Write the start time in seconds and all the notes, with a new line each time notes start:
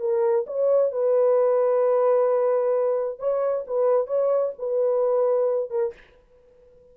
0.00 A#4
0.47 C#5
0.92 B4
3.19 C#5
3.67 B4
4.07 C#5
4.59 B4
5.71 A#4